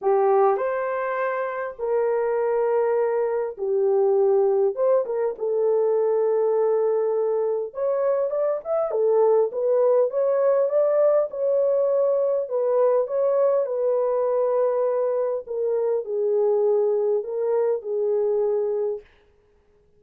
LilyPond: \new Staff \with { instrumentName = "horn" } { \time 4/4 \tempo 4 = 101 g'4 c''2 ais'4~ | ais'2 g'2 | c''8 ais'8 a'2.~ | a'4 cis''4 d''8 e''8 a'4 |
b'4 cis''4 d''4 cis''4~ | cis''4 b'4 cis''4 b'4~ | b'2 ais'4 gis'4~ | gis'4 ais'4 gis'2 | }